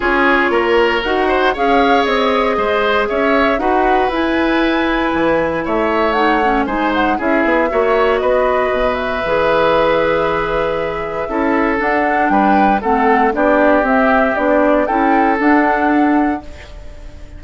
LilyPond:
<<
  \new Staff \with { instrumentName = "flute" } { \time 4/4 \tempo 4 = 117 cis''2 fis''4 f''4 | dis''2 e''4 fis''4 | gis''2. e''4 | fis''4 gis''8 fis''8 e''2 |
dis''4. e''2~ e''8~ | e''2. fis''4 | g''4 fis''4 d''4 e''4 | d''4 g''4 fis''2 | }
  \new Staff \with { instrumentName = "oboe" } { \time 4/4 gis'4 ais'4. c''8 cis''4~ | cis''4 c''4 cis''4 b'4~ | b'2. cis''4~ | cis''4 c''4 gis'4 cis''4 |
b'1~ | b'2 a'2 | b'4 a'4 g'2~ | g'4 a'2. | }
  \new Staff \with { instrumentName = "clarinet" } { \time 4/4 f'2 fis'4 gis'4~ | gis'2. fis'4 | e'1 | dis'8 cis'8 dis'4 e'4 fis'4~ |
fis'2 gis'2~ | gis'2 e'4 d'4~ | d'4 c'4 d'4 c'4 | d'4 e'4 d'2 | }
  \new Staff \with { instrumentName = "bassoon" } { \time 4/4 cis'4 ais4 dis'4 cis'4 | c'4 gis4 cis'4 dis'4 | e'2 e4 a4~ | a4 gis4 cis'8 b8 ais4 |
b4 b,4 e2~ | e2 cis'4 d'4 | g4 a4 b4 c'4 | b4 cis'4 d'2 | }
>>